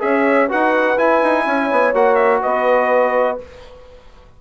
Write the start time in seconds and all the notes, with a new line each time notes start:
0.00 C#4 G#4 C#5 E5
0.48 D#4 F#4 B4 F#5
0.97 E4 G#5
1.23 D#4
1.46 C#4 C#5
1.71 B3
1.94 A#3 F#4 F#5
2.15 E5
2.41 B3 B4 D#5